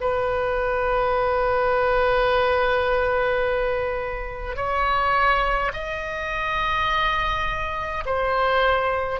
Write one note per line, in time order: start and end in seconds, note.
0.00 4.56 B4
4.56 5.71 C#5
5.73 8.04 D#5
8.05 9.20 C5